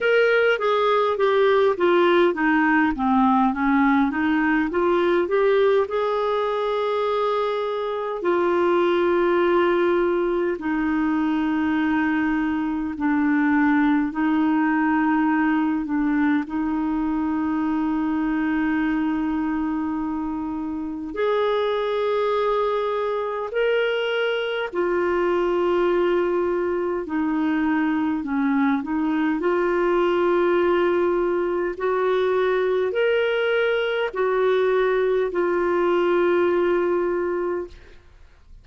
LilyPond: \new Staff \with { instrumentName = "clarinet" } { \time 4/4 \tempo 4 = 51 ais'8 gis'8 g'8 f'8 dis'8 c'8 cis'8 dis'8 | f'8 g'8 gis'2 f'4~ | f'4 dis'2 d'4 | dis'4. d'8 dis'2~ |
dis'2 gis'2 | ais'4 f'2 dis'4 | cis'8 dis'8 f'2 fis'4 | ais'4 fis'4 f'2 | }